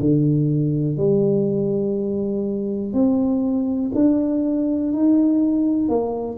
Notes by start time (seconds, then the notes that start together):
0.00 D3
0.97 G3
2.94 C4
3.95 D4
4.93 D#4
5.89 A#3